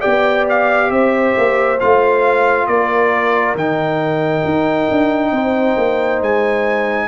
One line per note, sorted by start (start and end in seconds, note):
0.00 0.90 B3
0.00 1.77 G4
0.00 0.88 D5
0.00 0.45 G5
0.49 0.90 F5
0.90 1.34 C4
0.90 2.68 C5
0.90 1.79 E5
1.37 1.81 A#3
1.80 2.67 A3
1.80 3.56 F4
1.80 2.67 F5
2.67 3.54 A#3
2.67 5.33 A#4
2.67 3.55 D5
3.54 4.43 D#3
3.54 7.08 D#4
3.54 6.22 G5
4.44 4.88 D#4
4.90 5.31 D4
5.31 5.76 C4
5.31 7.08 C5
5.77 6.21 A#3
6.21 7.08 G#3
6.21 7.08 G#5